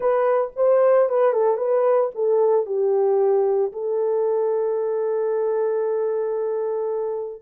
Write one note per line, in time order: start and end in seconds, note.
0.00 0.51 B4
0.56 1.09 C5
1.09 1.33 B4
1.33 1.57 A4
1.57 2.10 B4
2.14 2.65 A4
2.65 3.72 G4
3.72 7.42 A4